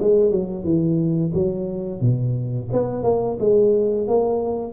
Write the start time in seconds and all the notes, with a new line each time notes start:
0.00 G#3
0.32 F#3
0.64 E3
1.35 F#3
2.01 B2
2.73 B3
3.04 A#3
3.40 G#3
4.08 A#3